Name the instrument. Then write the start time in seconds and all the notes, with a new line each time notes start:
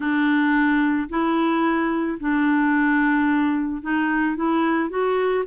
clarinet
0.00 D4
1.09 E4
2.20 D4
3.82 D#4
4.35 E4
4.89 F#4